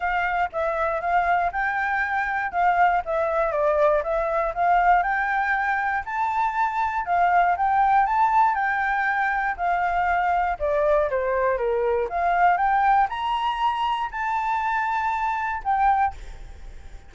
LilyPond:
\new Staff \with { instrumentName = "flute" } { \time 4/4 \tempo 4 = 119 f''4 e''4 f''4 g''4~ | g''4 f''4 e''4 d''4 | e''4 f''4 g''2 | a''2 f''4 g''4 |
a''4 g''2 f''4~ | f''4 d''4 c''4 ais'4 | f''4 g''4 ais''2 | a''2. g''4 | }